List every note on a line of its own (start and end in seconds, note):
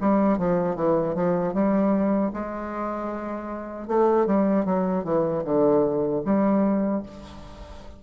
0.00 0.38 G3
0.38 0.75 F3
0.75 1.14 E3
1.14 1.53 F3
1.53 2.31 G3
2.33 3.87 G#3
3.87 4.26 A3
4.26 4.65 G3
4.65 5.04 F#3
5.04 5.43 E3
5.44 6.22 D3
6.24 7.02 G3